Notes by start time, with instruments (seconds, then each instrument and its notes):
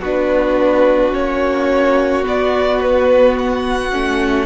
0.00 cello B3, viola D4, violin F#4 B4
1.12 cello A#3, viola C#4, violin C#5
2.24 viola B3, cello B3, violin D5
2.81 violin B4
3.38 violin F#5
3.93 cello A3, viola C#4